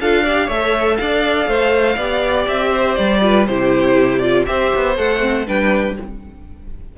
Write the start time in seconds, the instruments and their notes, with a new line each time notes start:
0.00 cello D4, viola F4, violin A4 F5
0.22 viola G4, violin D5
0.45 cello A3, viola A4, violin C#5 E5
0.96 cello D4, violin D5 F5
1.46 cello A3, violin C5
1.95 cello B3, viola G4, violin D5
2.48 cello C4, violin E5
2.70 violin C5
2.95 cello G3, violin D5
3.21 viola F4, violin B4
3.47 cello C3, viola E4, violin G4 C5
4.18 viola F4, violin D5
4.46 cello C4, viola G4, violin C5 E5
4.75 cello B3
4.96 cello A3, viola A4, violin F#5
5.20 viola C4
5.46 cello G3, viola D4, violin B4 G5